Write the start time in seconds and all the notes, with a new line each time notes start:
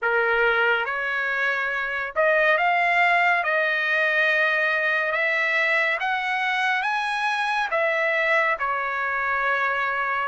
0.02 A#4
0.85 C#5
2.15 D#5
2.57 F5
3.43 D#5
5.12 E5
6.00 F#5
6.82 G#5
7.71 E5
8.59 C#5